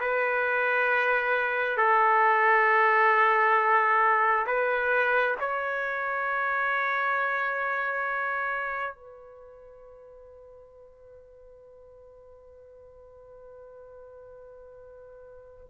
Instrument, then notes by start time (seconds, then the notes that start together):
trumpet
0.00 B4
1.77 A4
4.46 B4
5.40 C#5
8.95 B4